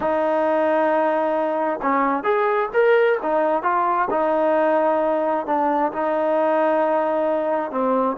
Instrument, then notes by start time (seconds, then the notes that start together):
trombone
0.00 D#4
1.82 C#4
2.23 G#4
2.73 A#4
3.22 D#4
3.62 F4
4.10 D#4
5.46 D4
5.92 D#4
7.71 C4